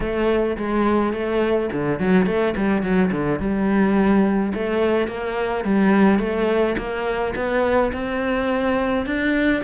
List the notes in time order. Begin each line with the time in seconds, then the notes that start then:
0.00 A3
0.57 G#3
1.13 A3
1.72 D3
1.99 F#3
2.26 A3
2.56 G3
2.82 F#3
3.11 D3
3.39 G3
4.54 A3
5.07 A#3
5.64 G3
6.19 A3
6.77 A#3
7.35 B3
7.92 C4
9.06 D4